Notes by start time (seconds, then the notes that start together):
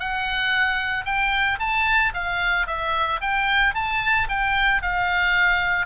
0.00 F#5
1.06 G5
1.60 A5
2.14 F5
2.67 E5
3.21 G5
3.75 A5
4.29 G5
4.82 F5